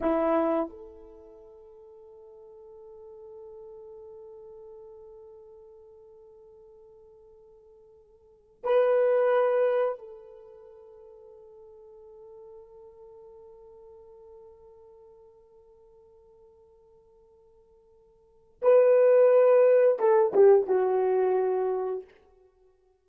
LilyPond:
\new Staff \with { instrumentName = "horn" } { \time 4/4 \tempo 4 = 87 e'4 a'2.~ | a'1~ | a'1~ | a'8 b'2 a'4.~ |
a'1~ | a'1~ | a'2. b'4~ | b'4 a'8 g'8 fis'2 | }